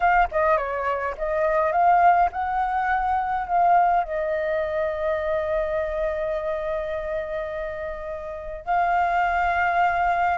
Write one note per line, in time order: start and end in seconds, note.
0.00 0.28 F5
0.31 0.57 D#5
0.57 1.15 C#5
1.17 1.72 D#5
1.72 2.29 F5
2.32 3.47 F#5
3.47 4.03 F5
4.03 8.65 D#5
8.65 10.37 F5